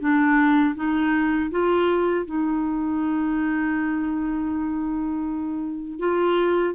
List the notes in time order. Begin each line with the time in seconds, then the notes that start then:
0.00 D4
0.75 D#4
1.51 F4
2.26 D#4
5.99 F4